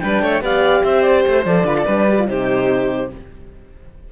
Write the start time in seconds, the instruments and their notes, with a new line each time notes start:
0.00 cello G3, horn D4, violin B4, clarinet G5
0.22 cello A3, violin C#5
0.41 cello B3, horn G4, violin D5, clarinet F5
0.83 cello C4, violin C5, clarinet E5
1.02 clarinet D5
1.26 cello A3, clarinet C5
1.45 cello F3, horn A4, clarinet D5
1.64 cello D3, horn F4, violin B4
1.78 violin A4
1.85 cello G3, horn D4, violin B4
2.09 horn G4
2.19 horn F4
2.27 cello C3, horn D#4, violin G4, clarinet C5